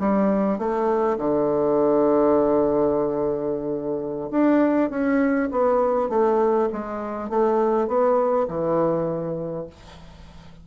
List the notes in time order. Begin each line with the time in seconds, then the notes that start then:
0.00 G3
0.58 A3
1.18 D3
4.31 D4
4.90 C#4
5.51 B3
6.09 A3
6.73 G#3
7.30 A3
7.88 B3
8.48 E3